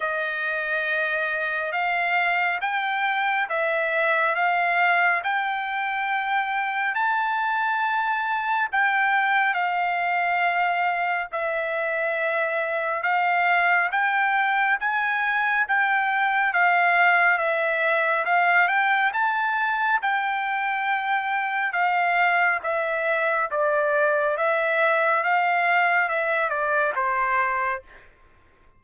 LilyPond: \new Staff \with { instrumentName = "trumpet" } { \time 4/4 \tempo 4 = 69 dis''2 f''4 g''4 | e''4 f''4 g''2 | a''2 g''4 f''4~ | f''4 e''2 f''4 |
g''4 gis''4 g''4 f''4 | e''4 f''8 g''8 a''4 g''4~ | g''4 f''4 e''4 d''4 | e''4 f''4 e''8 d''8 c''4 | }